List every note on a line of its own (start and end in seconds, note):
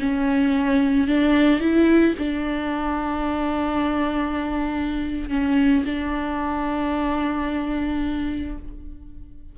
0.00 1.08 C#4
1.08 1.61 D4
1.61 2.15 E4
2.19 5.30 D4
5.30 5.85 C#4
5.86 8.59 D4